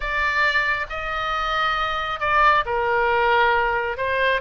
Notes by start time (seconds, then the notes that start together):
0.00 D5
0.89 D#5
2.20 D5
2.65 A#4
3.97 C5